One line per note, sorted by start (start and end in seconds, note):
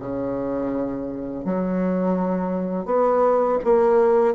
0.00 1.45 C#3
1.45 2.86 F#3
2.86 3.59 B3
3.65 4.35 A#3